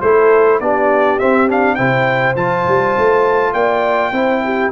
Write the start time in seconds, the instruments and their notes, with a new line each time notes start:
0.00 tuba A3, trombone E4, horn A4, trumpet C5
0.60 tuba B3, trombone D4, horn G4, trumpet D5
1.19 trombone C4, tuba C4, trumpet E5
1.48 trombone D4, trumpet F5
1.75 tuba C3, trombone E4, horn C5, trumpet G5
2.36 tuba F3, trombone F4, trumpet A5
2.67 tuba G3
2.97 tuba A3
3.53 tuba A#3, horn D5, trumpet G5
4.12 tuba C4, trombone E4, horn C5
4.44 horn G4